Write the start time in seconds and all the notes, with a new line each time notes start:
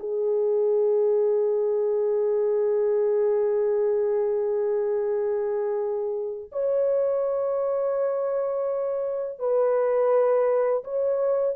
0.00 G#4
6.52 C#5
9.39 B4
10.84 C#5